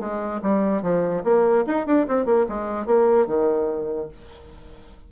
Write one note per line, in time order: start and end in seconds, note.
0.00 0.41 G#3
0.42 0.82 G3
0.82 1.23 F3
1.24 1.65 A#3
1.67 1.86 D#4
1.86 2.07 D4
2.08 2.26 C4
2.26 2.46 A#3
2.49 2.86 G#3
2.86 3.27 A#3
3.27 4.08 D#3